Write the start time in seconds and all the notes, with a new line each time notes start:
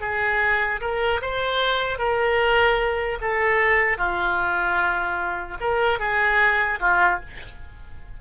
0.00 G#4
0.80 A#4
1.21 C5
1.98 A#4
3.21 A4
3.97 F4
5.60 A#4
5.99 G#4
6.80 F4